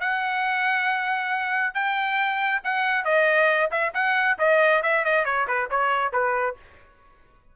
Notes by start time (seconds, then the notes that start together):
0.00 F#5
1.74 G5
2.64 F#5
3.04 D#5
3.71 E5
3.94 F#5
4.38 D#5
4.82 E5
5.04 D#5
5.25 C#5
5.47 B4
5.70 C#5
6.12 B4